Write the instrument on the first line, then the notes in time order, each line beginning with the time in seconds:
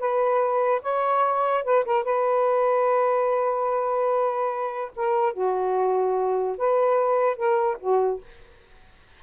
saxophone
0.00 B4
0.83 C#5
1.65 B4
1.86 A#4
2.04 B4
4.97 A#4
5.34 F#4
6.58 B4
7.37 A#4
7.81 F#4